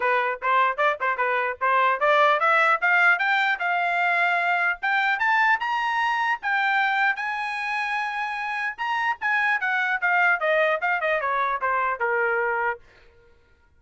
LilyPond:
\new Staff \with { instrumentName = "trumpet" } { \time 4/4 \tempo 4 = 150 b'4 c''4 d''8 c''8 b'4 | c''4 d''4 e''4 f''4 | g''4 f''2. | g''4 a''4 ais''2 |
g''2 gis''2~ | gis''2 ais''4 gis''4 | fis''4 f''4 dis''4 f''8 dis''8 | cis''4 c''4 ais'2 | }